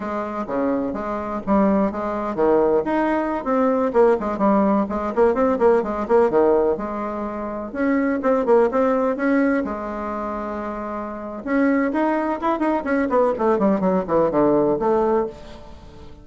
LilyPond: \new Staff \with { instrumentName = "bassoon" } { \time 4/4 \tempo 4 = 126 gis4 cis4 gis4 g4 | gis4 dis4 dis'4~ dis'16 c'8.~ | c'16 ais8 gis8 g4 gis8 ais8 c'8 ais16~ | ais16 gis8 ais8 dis4 gis4.~ gis16~ |
gis16 cis'4 c'8 ais8 c'4 cis'8.~ | cis'16 gis2.~ gis8. | cis'4 dis'4 e'8 dis'8 cis'8 b8 | a8 g8 fis8 e8 d4 a4 | }